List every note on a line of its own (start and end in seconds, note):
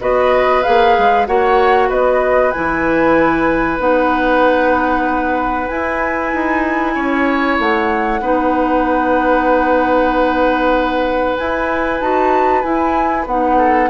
0.00 0.64 B3
0.00 0.63 F#4
0.00 1.28 B4
0.00 0.63 D#5
0.63 0.98 A#3
0.63 1.27 G#4
0.63 1.26 F5
0.98 1.28 G#3
1.27 1.90 A#3
1.27 2.53 F#4
1.27 1.89 C#5
1.27 1.90 F#5
1.89 2.53 B3
1.89 6.94 B4
1.89 2.51 D#5
2.51 3.79 E3
2.51 3.79 E4
2.51 3.78 G#5
3.79 5.69 B3
3.79 5.68 D#4
3.79 5.68 F#5
5.68 6.33 E4
5.68 8.21 E4
5.68 7.58 G#5
6.34 6.96 D#4
6.95 7.59 C#4
6.95 8.21 C#5
7.59 8.21 A3
7.59 11.38 F#5
8.21 11.37 B3
8.21 11.37 D#4
8.21 13.58 B4
11.38 12.01 E4
11.38 12.01 G#5
12.01 12.64 D#4
12.01 12.63 F#4
12.01 12.62 A5
12.62 13.26 E4
12.62 13.26 G#5
13.26 13.90 B3
13.26 13.90 D#4
13.26 13.90 F#5
13.58 13.90 A4